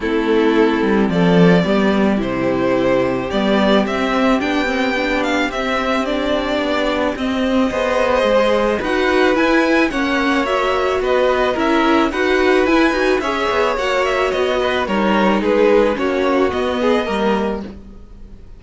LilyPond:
<<
  \new Staff \with { instrumentName = "violin" } { \time 4/4 \tempo 4 = 109 a'2 d''2 | c''2 d''4 e''4 | g''4. f''8 e''4 d''4~ | d''4 dis''2. |
fis''4 gis''4 fis''4 e''4 | dis''4 e''4 fis''4 gis''4 | e''4 fis''8 e''8 dis''4 cis''4 | b'4 cis''4 dis''2 | }
  \new Staff \with { instrumentName = "violin" } { \time 4/4 e'2 a'4 g'4~ | g'1~ | g'1~ | g'2 c''2 |
b'2 cis''2 | b'4 ais'4 b'2 | cis''2~ cis''8 b'8 ais'4 | gis'4 fis'4. gis'8 ais'4 | }
  \new Staff \with { instrumentName = "viola" } { \time 4/4 c'2. b4 | e'2 b4 c'4 | d'8 c'8 d'4 c'4 d'4~ | d'4 c'4 gis'2 |
fis'4 e'4 cis'4 fis'4~ | fis'4 e'4 fis'4 e'8 fis'8 | gis'4 fis'2 dis'4~ | dis'4 cis'4 b4 ais4 | }
  \new Staff \with { instrumentName = "cello" } { \time 4/4 a4. g8 f4 g4 | c2 g4 c'4 | b2 c'2 | b4 c'4 b4 gis4 |
dis'4 e'4 ais2 | b4 cis'4 dis'4 e'8 dis'8 | cis'8 b8 ais4 b4 g4 | gis4 ais4 b4 g4 | }
>>